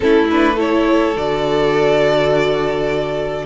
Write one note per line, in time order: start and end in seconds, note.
0.00 1.16 A3
0.00 0.26 C#4
0.00 0.55 E4
0.00 0.28 A4
0.30 0.56 D4
0.30 0.59 B4
0.55 1.14 E4
0.55 3.43 A4
0.55 1.17 C#5
1.16 3.45 D3
1.16 3.45 F#4
1.16 3.45 D5